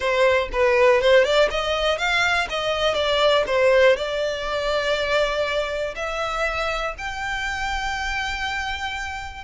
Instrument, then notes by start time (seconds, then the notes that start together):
violin
0.00 C5
0.52 B4
1.01 C5
1.24 D5
1.50 D#5
1.97 F5
2.49 D#5
2.94 D5
3.46 C5
3.96 D5
5.95 E5
6.98 G5